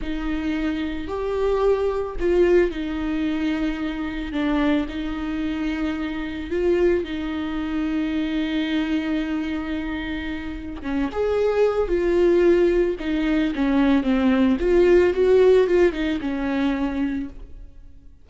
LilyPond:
\new Staff \with { instrumentName = "viola" } { \time 4/4 \tempo 4 = 111 dis'2 g'2 | f'4 dis'2. | d'4 dis'2. | f'4 dis'2.~ |
dis'1 | cis'8 gis'4. f'2 | dis'4 cis'4 c'4 f'4 | fis'4 f'8 dis'8 cis'2 | }